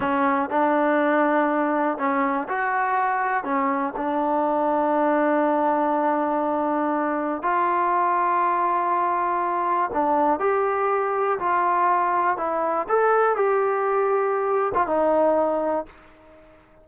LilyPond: \new Staff \with { instrumentName = "trombone" } { \time 4/4 \tempo 4 = 121 cis'4 d'2. | cis'4 fis'2 cis'4 | d'1~ | d'2. f'4~ |
f'1 | d'4 g'2 f'4~ | f'4 e'4 a'4 g'4~ | g'4.~ g'16 f'16 dis'2 | }